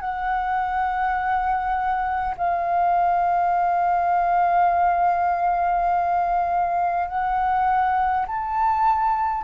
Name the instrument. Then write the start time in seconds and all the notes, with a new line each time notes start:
flute
0.00 F#5
2.37 F5
7.09 F#5
8.27 A5